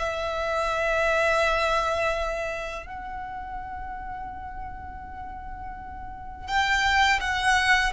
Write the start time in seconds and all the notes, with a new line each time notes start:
0.00 E5
2.87 F#5
6.48 G5
7.21 F#5